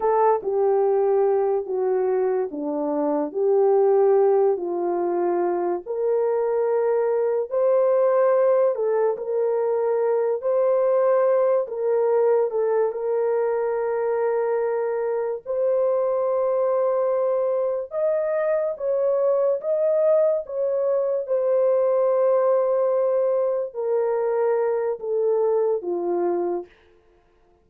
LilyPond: \new Staff \with { instrumentName = "horn" } { \time 4/4 \tempo 4 = 72 a'8 g'4. fis'4 d'4 | g'4. f'4. ais'4~ | ais'4 c''4. a'8 ais'4~ | ais'8 c''4. ais'4 a'8 ais'8~ |
ais'2~ ais'8 c''4.~ | c''4. dis''4 cis''4 dis''8~ | dis''8 cis''4 c''2~ c''8~ | c''8 ais'4. a'4 f'4 | }